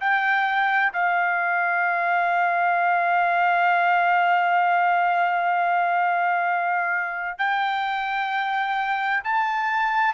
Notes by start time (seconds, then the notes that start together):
0.00 G5
0.93 F5
7.38 G5
9.24 A5